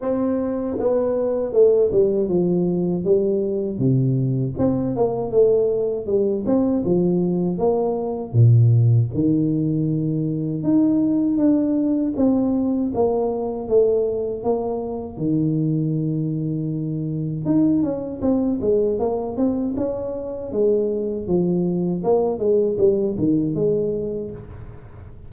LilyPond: \new Staff \with { instrumentName = "tuba" } { \time 4/4 \tempo 4 = 79 c'4 b4 a8 g8 f4 | g4 c4 c'8 ais8 a4 | g8 c'8 f4 ais4 ais,4 | dis2 dis'4 d'4 |
c'4 ais4 a4 ais4 | dis2. dis'8 cis'8 | c'8 gis8 ais8 c'8 cis'4 gis4 | f4 ais8 gis8 g8 dis8 gis4 | }